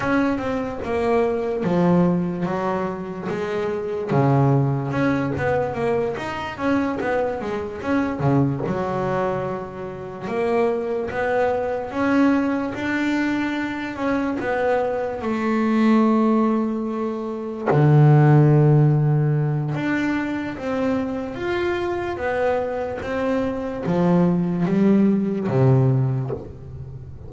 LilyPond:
\new Staff \with { instrumentName = "double bass" } { \time 4/4 \tempo 4 = 73 cis'8 c'8 ais4 f4 fis4 | gis4 cis4 cis'8 b8 ais8 dis'8 | cis'8 b8 gis8 cis'8 cis8 fis4.~ | fis8 ais4 b4 cis'4 d'8~ |
d'4 cis'8 b4 a4.~ | a4. d2~ d8 | d'4 c'4 f'4 b4 | c'4 f4 g4 c4 | }